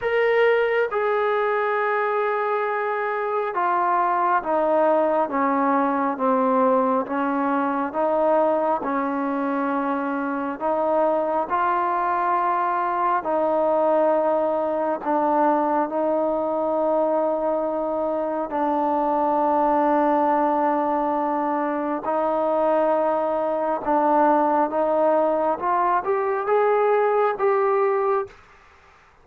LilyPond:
\new Staff \with { instrumentName = "trombone" } { \time 4/4 \tempo 4 = 68 ais'4 gis'2. | f'4 dis'4 cis'4 c'4 | cis'4 dis'4 cis'2 | dis'4 f'2 dis'4~ |
dis'4 d'4 dis'2~ | dis'4 d'2.~ | d'4 dis'2 d'4 | dis'4 f'8 g'8 gis'4 g'4 | }